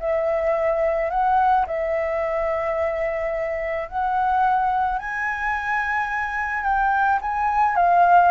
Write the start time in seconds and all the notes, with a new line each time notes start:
0.00 E5
1.11 F#5
1.67 E5
3.89 F#5
4.99 G#5
6.64 G5
7.22 G#5
7.76 F5